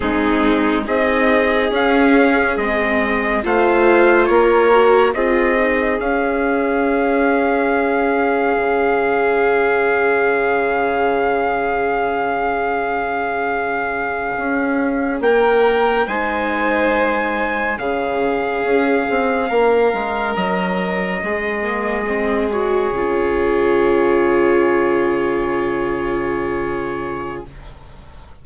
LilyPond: <<
  \new Staff \with { instrumentName = "trumpet" } { \time 4/4 \tempo 4 = 70 gis'4 dis''4 f''4 dis''4 | f''4 cis''4 dis''4 f''4~ | f''1~ | f''1~ |
f''4.~ f''16 g''4 gis''4~ gis''16~ | gis''8. f''2. dis''16~ | dis''2~ dis''16 cis''4.~ cis''16~ | cis''1 | }
  \new Staff \with { instrumentName = "violin" } { \time 4/4 dis'4 gis'2. | c''4 ais'4 gis'2~ | gis'1~ | gis'1~ |
gis'4.~ gis'16 ais'4 c''4~ c''16~ | c''8. gis'2 ais'4~ ais'16~ | ais'8. gis'2.~ gis'16~ | gis'1 | }
  \new Staff \with { instrumentName = "viola" } { \time 4/4 c'4 dis'4 cis'4 c'4 | f'4. fis'8 f'8 dis'8 cis'4~ | cis'1~ | cis'1~ |
cis'2~ cis'8. dis'4~ dis'16~ | dis'8. cis'2.~ cis'16~ | cis'4~ cis'16 ais8 c'8 fis'8 f'4~ f'16~ | f'1 | }
  \new Staff \with { instrumentName = "bassoon" } { \time 4/4 gis4 c'4 cis'4 gis4 | a4 ais4 c'4 cis'4~ | cis'2 cis2~ | cis1~ |
cis8. cis'4 ais4 gis4~ gis16~ | gis8. cis4 cis'8 c'8 ais8 gis8 fis16~ | fis8. gis2 cis4~ cis16~ | cis1 | }
>>